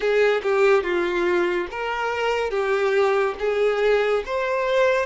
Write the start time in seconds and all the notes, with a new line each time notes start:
0.00 G#4
0.42 G4
0.83 F4
1.71 A#4
2.50 G4
3.39 G#4
4.25 C5